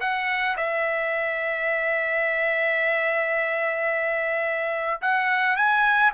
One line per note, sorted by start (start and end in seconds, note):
0.00 0.56 F#5
0.57 5.01 E5
5.01 5.56 F#5
5.56 6.11 G#5